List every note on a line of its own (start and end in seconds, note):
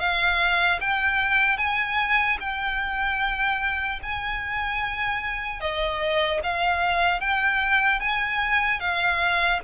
0.00 0.80 F5
0.81 1.58 G5
1.58 2.38 G#5
2.40 4.00 G5
4.03 5.61 G#5
5.61 6.41 D#5
6.43 7.21 F5
7.21 8.00 G5
8.00 8.80 G#5
8.80 9.60 F5